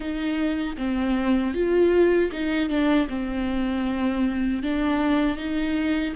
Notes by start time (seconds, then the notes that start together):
0.00 D#4
0.77 C4
1.53 F4
2.31 D#4
2.69 D4
3.08 C4
4.63 D4
5.37 D#4